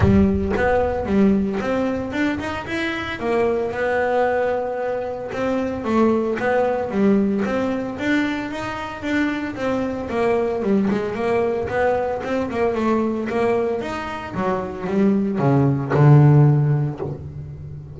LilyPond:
\new Staff \with { instrumentName = "double bass" } { \time 4/4 \tempo 4 = 113 g4 b4 g4 c'4 | d'8 dis'8 e'4 ais4 b4~ | b2 c'4 a4 | b4 g4 c'4 d'4 |
dis'4 d'4 c'4 ais4 | g8 gis8 ais4 b4 c'8 ais8 | a4 ais4 dis'4 fis4 | g4 cis4 d2 | }